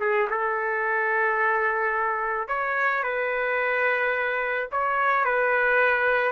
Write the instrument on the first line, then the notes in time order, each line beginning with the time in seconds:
trumpet
0.00 G#4
0.30 A4
2.48 C#5
3.03 B4
4.71 C#5
5.24 B4